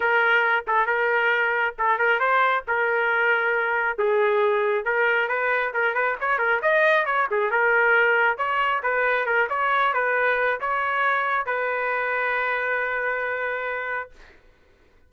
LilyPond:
\new Staff \with { instrumentName = "trumpet" } { \time 4/4 \tempo 4 = 136 ais'4. a'8 ais'2 | a'8 ais'8 c''4 ais'2~ | ais'4 gis'2 ais'4 | b'4 ais'8 b'8 cis''8 ais'8 dis''4 |
cis''8 gis'8 ais'2 cis''4 | b'4 ais'8 cis''4 b'4. | cis''2 b'2~ | b'1 | }